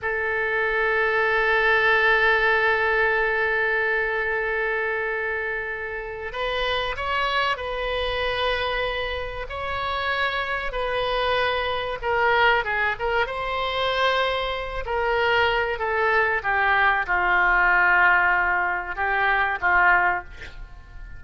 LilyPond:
\new Staff \with { instrumentName = "oboe" } { \time 4/4 \tempo 4 = 95 a'1~ | a'1~ | a'2 b'4 cis''4 | b'2. cis''4~ |
cis''4 b'2 ais'4 | gis'8 ais'8 c''2~ c''8 ais'8~ | ais'4 a'4 g'4 f'4~ | f'2 g'4 f'4 | }